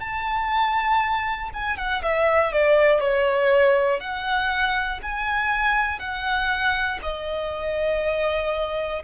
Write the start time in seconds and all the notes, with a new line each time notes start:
0.00 A5
1.54 G#5
1.77 F#5
2.02 E5
2.52 D5
3.00 C#5
4.00 F#5
5.02 G#5
5.99 F#5
7.02 D#5